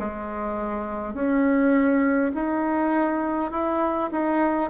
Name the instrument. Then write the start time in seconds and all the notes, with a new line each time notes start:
bassoon
0.00 G#3
1.14 C#4
2.35 D#4
3.51 E4
4.12 D#4